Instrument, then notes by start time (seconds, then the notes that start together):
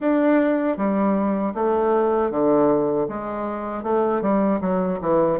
bassoon
0.00 D4
0.77 G3
1.54 A3
2.30 D3
3.08 G#3
3.83 A3
4.21 G3
4.60 F#3
5.01 E3